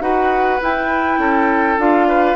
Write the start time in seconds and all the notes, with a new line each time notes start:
0.00 D#4 F#4 B4 F#5
0.61 E4 G5
1.18 C#4 A4
1.78 D4 F4 F5
2.08 B4